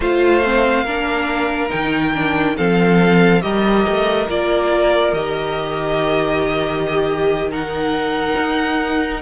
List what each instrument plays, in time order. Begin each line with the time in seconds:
0.00 cello A3, viola F4, violin C5 F5
0.43 viola C4
0.84 cello A#3, viola D4, violin A#4
1.69 cello D#3, viola D#4, violin G5
2.14 viola D4
2.56 cello F3, viola C4, violin A4 F5
3.41 cello G3, viola G4, violin A#4 D#5
3.87 cello A3
4.27 cello A#3, viola F4, violin D5
5.12 cello D#3, viola G4, violin D#5
6.88 violin G4
7.50 viola D#4, violin A#4 F#5
8.37 cello D#4